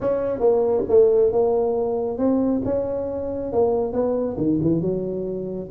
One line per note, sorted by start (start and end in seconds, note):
0.00 0.39 C#4
0.39 0.83 A#3
0.88 1.31 A3
1.31 2.17 A#3
2.17 2.61 C4
2.64 3.52 C#4
3.52 3.92 A#3
3.92 4.36 B3
4.37 4.59 D#3
4.61 4.81 E3
4.81 5.69 F#3